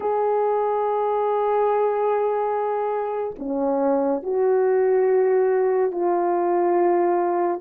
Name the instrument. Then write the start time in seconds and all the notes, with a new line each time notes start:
horn
0.00 G#4
3.38 C#4
4.23 F#4
5.91 F4